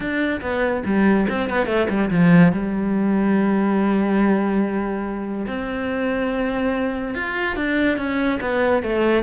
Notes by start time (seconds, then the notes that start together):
0.00 D4
0.41 B3
0.85 G3
1.29 C4
1.49 B3
1.66 A3
1.89 G3
2.10 F3
2.52 G3
5.47 C4
7.14 F4
7.55 D4
7.97 C#4
8.40 B3
8.82 A3